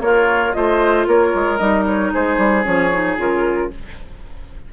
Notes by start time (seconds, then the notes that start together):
0.00 A#3 F4 A#4 C#5
0.52 A3 F4 C5 D#5
1.06 A#3 A#4 C#5
1.34 G#3
1.57 G3 D#4 D#5
1.86 C#5
2.13 G#3 G#4 C5
2.37 G3
2.63 F3 C#4 C#5
2.91 D#4
3.17 C#3 F4 A#4